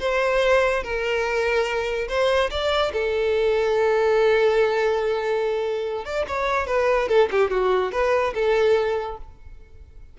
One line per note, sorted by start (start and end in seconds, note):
0.00 0.83 C5
0.83 2.08 A#4
2.09 2.50 C5
2.51 2.92 D5
2.93 6.05 A4
6.05 6.26 D5
6.28 6.67 C#5
6.67 7.09 B4
7.09 7.30 A4
7.32 7.51 G4
7.51 7.92 F#4
7.92 8.34 B4
8.34 9.18 A4